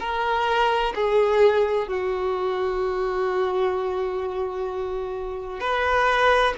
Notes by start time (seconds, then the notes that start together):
0.00 A#4
0.95 G#4
1.88 F#4
5.60 B4